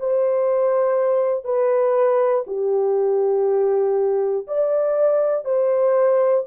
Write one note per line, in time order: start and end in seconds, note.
0.00 1.45 C5
1.45 2.45 B4
2.47 4.47 G4
4.48 5.45 D5
5.45 6.45 C5